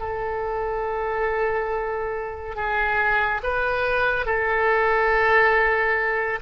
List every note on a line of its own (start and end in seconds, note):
0.00 2.56 A4
2.56 3.41 G#4
3.44 4.26 B4
4.26 6.40 A4